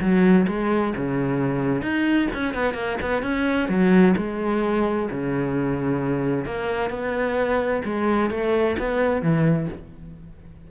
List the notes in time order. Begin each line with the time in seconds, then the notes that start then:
0.00 F#3
0.47 G#3
0.96 C#3
1.82 D#4
2.34 C#4
2.54 B3
2.74 A#3
3.01 B3
3.22 C#4
3.68 F#3
4.16 G#3
5.10 C#3
6.45 A#3
6.90 B3
7.84 G#3
8.30 A3
8.78 B3
9.22 E3